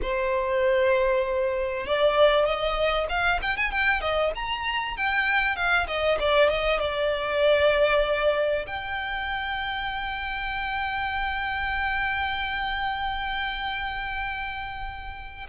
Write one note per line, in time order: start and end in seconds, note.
0.02 1.86 C5
1.86 2.45 D5
2.45 3.07 D#5
3.09 3.40 F5
3.42 3.57 G5
3.57 3.71 G#5
3.71 4.00 G5
4.00 4.32 D#5
4.35 4.96 A#5
4.96 5.55 G5
5.55 5.86 F5
5.87 6.18 D#5
6.19 6.49 D5
6.49 6.80 D#5
6.80 8.65 D5
8.66 15.47 G5